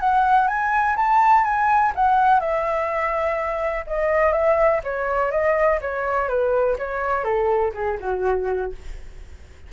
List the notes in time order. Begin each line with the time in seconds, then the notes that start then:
0.00 F#5
0.48 G#5
0.97 A5
1.44 G#5
1.95 F#5
2.40 E5
3.87 D#5
4.33 E5
4.84 C#5
5.32 D#5
5.81 C#5
6.29 B4
6.79 C#5
7.24 A4
7.74 G#4
8.00 F#4